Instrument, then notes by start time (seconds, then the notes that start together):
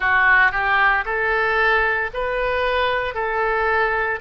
oboe
0.00 F#4
0.51 G4
1.05 A4
2.13 B4
3.14 A4